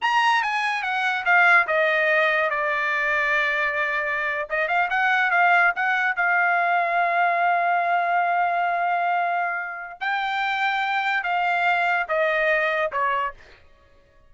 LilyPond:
\new Staff \with { instrumentName = "trumpet" } { \time 4/4 \tempo 4 = 144 ais''4 gis''4 fis''4 f''4 | dis''2 d''2~ | d''2~ d''8. dis''8 f''8 fis''16~ | fis''8. f''4 fis''4 f''4~ f''16~ |
f''1~ | f''1 | g''2. f''4~ | f''4 dis''2 cis''4 | }